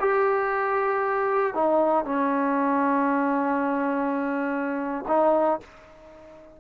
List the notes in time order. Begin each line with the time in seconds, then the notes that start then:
0.00 G4
1.54 D#4
2.05 C#4
5.08 D#4